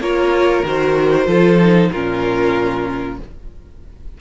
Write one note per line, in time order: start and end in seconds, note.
0.00 0.63 A#3
0.00 0.65 F4
0.00 1.27 A#4
0.00 0.64 C#5
0.64 1.26 D#3
0.64 1.27 F#4
0.64 1.92 C5
1.26 1.89 F3
1.26 1.58 F4
1.26 1.90 A4
1.61 1.92 D#4
1.91 3.19 A#2
1.91 3.20 C#4
1.91 3.18 F4
1.91 3.18 A#4